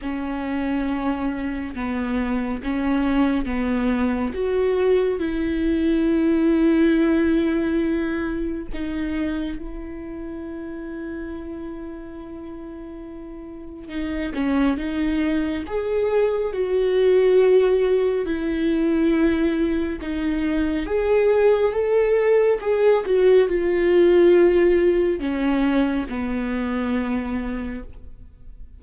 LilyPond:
\new Staff \with { instrumentName = "viola" } { \time 4/4 \tempo 4 = 69 cis'2 b4 cis'4 | b4 fis'4 e'2~ | e'2 dis'4 e'4~ | e'1 |
dis'8 cis'8 dis'4 gis'4 fis'4~ | fis'4 e'2 dis'4 | gis'4 a'4 gis'8 fis'8 f'4~ | f'4 cis'4 b2 | }